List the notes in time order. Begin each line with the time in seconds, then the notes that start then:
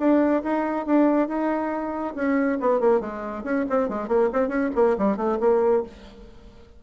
0.00 D4
0.44 D#4
0.86 D4
1.29 D#4
2.15 C#4
2.61 B3
2.80 A#3
3.01 G#3
3.44 C#4
3.70 C4
3.89 G#3
4.08 A#3
4.33 C4
4.49 C#4
4.75 A#3
4.98 G3
5.17 A3
5.40 A#3